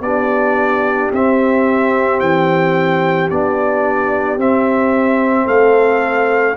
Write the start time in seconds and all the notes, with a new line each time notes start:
0.00 B3 D4 G4 D5
1.11 C4 E5
2.20 E3 G5
3.30 B3 D4 D5
4.37 C4 E5
5.45 A3 A4 F5